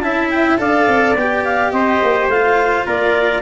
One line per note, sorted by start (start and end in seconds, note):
0.00 0.58 C#4
0.00 0.58 E4
0.00 0.60 E5
0.00 0.28 A5
0.30 0.58 G5
0.58 0.87 D4
0.58 1.15 A4
0.58 1.74 D5
0.58 1.16 F5
0.87 1.15 C4
1.15 1.72 B3
1.15 2.31 G4
1.15 1.44 G5
1.44 1.71 F5
1.71 2.00 C4
1.71 2.86 C5
1.71 2.28 D#5
2.02 2.28 A#3
2.28 2.85 A3
2.28 3.41 F4
2.28 2.86 F5
2.86 3.41 A#3
2.86 3.41 A#4
2.86 3.41 D5